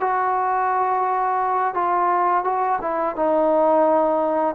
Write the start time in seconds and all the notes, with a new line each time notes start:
0.00 F#4
1.74 F4
2.44 F#4
2.81 E4
3.15 D#4